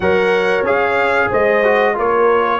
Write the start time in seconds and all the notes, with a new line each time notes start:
0.00 F#3 A#4 C#5 F#5
0.62 C#4 G#4 F5
1.29 G#3 C5 D#5
1.63 F#4
1.94 A#3 F4 A#4 C#5